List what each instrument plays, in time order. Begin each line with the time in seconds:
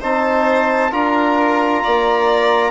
0.00 bassoon C4, trombone D#4, violin C5, trumpet A5
0.91 bassoon D4, trombone F4, violin A#4, trumpet A#5
1.83 bassoon A#3, violin D5